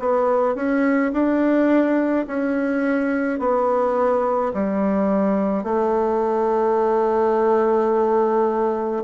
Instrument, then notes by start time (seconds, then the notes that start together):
bassoon
0.00 B3
0.56 C#4
1.13 D4
2.27 C#4
3.40 B3
4.54 G3
5.64 A3